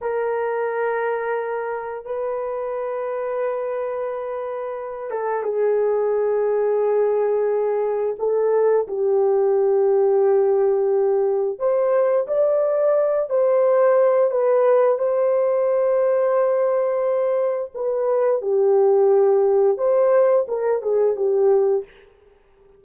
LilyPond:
\new Staff \with { instrumentName = "horn" } { \time 4/4 \tempo 4 = 88 ais'2. b'4~ | b'2.~ b'8 a'8 | gis'1 | a'4 g'2.~ |
g'4 c''4 d''4. c''8~ | c''4 b'4 c''2~ | c''2 b'4 g'4~ | g'4 c''4 ais'8 gis'8 g'4 | }